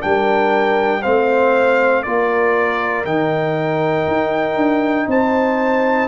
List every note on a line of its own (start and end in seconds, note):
0.00 1.06 G3
0.00 1.02 D4
0.00 1.01 A#4
0.00 1.03 G5
1.01 2.06 A3
1.01 2.06 C4
1.01 2.03 C5
1.01 2.03 F5
2.03 3.05 A#3
2.03 3.06 F4
2.03 5.09 A#4
2.03 3.05 D5
3.05 4.07 D#3
3.05 6.08 D#4
3.05 5.09 G5
4.07 4.56 D#4
4.56 5.07 D4
5.07 6.08 C4
5.07 6.08 C5
5.07 6.08 A5